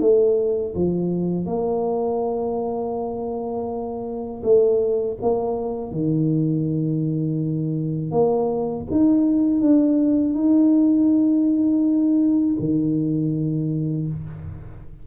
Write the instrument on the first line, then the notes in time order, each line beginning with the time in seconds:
tuba
0.00 A3
0.75 F3
1.46 A#3
4.43 A3
5.22 A#3
5.92 D#3
8.11 A#3
8.91 D#4
9.61 D4
10.34 D#4
12.60 D#3